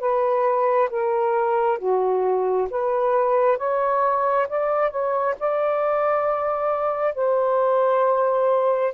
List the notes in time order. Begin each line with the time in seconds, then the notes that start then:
0.00 B4
0.90 A#4
1.79 F#4
2.71 B4
3.58 C#5
4.49 D5
4.91 C#5
5.40 D5
7.15 C5